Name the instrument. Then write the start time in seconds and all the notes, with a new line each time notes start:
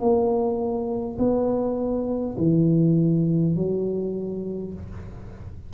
tuba
0.00 A#3
1.19 B3
2.39 E3
3.56 F#3